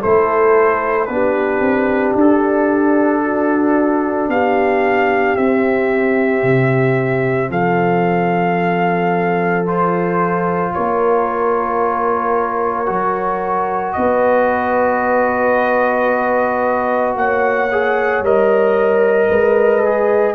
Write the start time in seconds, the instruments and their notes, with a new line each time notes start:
0.00 tuba A3, trombone E4, horn A4, trumpet C5
1.06 tuba B3, trombone D4, trumpet B4
1.12 horn G4
1.60 tuba C4
2.15 tuba D4, trumpet A4
3.24 horn F#4
4.28 tuba B3, horn G4, trumpet F5
5.36 tuba C4, trombone C4, trumpet E5
6.43 tuba C3
7.50 tuba F3, horn A4, trumpet F5
9.66 trombone F4, trumpet C5
10.74 tuba A#3, horn A#4, trumpet C#5
12.86 tuba F#3, trombone F#4
13.93 tuba B3, horn B4, trumpet D#5
17.15 tuba A#3, horn C#5, trumpet F#5
17.72 trombone G#4
18.21 tuba G3, trombone A#4, trumpet D#5
19.29 tuba G#3, horn B4
19.84 trombone G#4